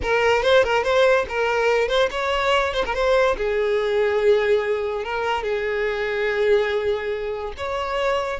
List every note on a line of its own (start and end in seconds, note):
0.02 0.43 A#4
0.43 0.63 C5
0.63 0.83 A#4
0.83 1.25 C5
1.29 1.88 A#4
1.88 2.09 C5
2.10 2.73 C#5
2.73 2.84 C5
2.85 2.94 A#4
2.94 3.36 C5
3.37 5.04 G#4
5.04 5.43 A#4
5.43 7.53 G#4
7.57 8.39 C#5